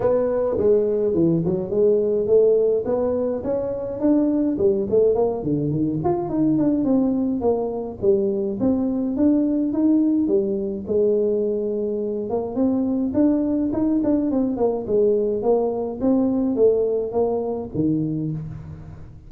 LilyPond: \new Staff \with { instrumentName = "tuba" } { \time 4/4 \tempo 4 = 105 b4 gis4 e8 fis8 gis4 | a4 b4 cis'4 d'4 | g8 a8 ais8 d8 dis8 f'8 dis'8 d'8 | c'4 ais4 g4 c'4 |
d'4 dis'4 g4 gis4~ | gis4. ais8 c'4 d'4 | dis'8 d'8 c'8 ais8 gis4 ais4 | c'4 a4 ais4 dis4 | }